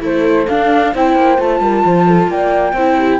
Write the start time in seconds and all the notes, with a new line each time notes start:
0.00 A3 E4 A4 C5
0.48 D4 F5
0.94 C4 E4 C5 G5
1.15 A#3
1.37 A3 F4 A5
1.60 G3 A#4
1.85 F3 C5
2.07 A4
2.27 A#3 D5 G5
2.73 C4 E4 C5
2.97 G4